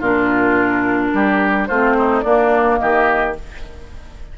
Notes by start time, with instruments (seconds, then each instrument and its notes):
0.00 bassoon A#2, clarinet D4, oboe F4, flute A#4
1.14 bassoon G3, oboe G4
1.67 bassoon A3, clarinet C4, oboe F4, flute C5
1.98 oboe D#4
2.21 clarinet A#3, bassoon A#3, oboe D4, flute D5
2.78 bassoon D#3, oboe G4, flute D#5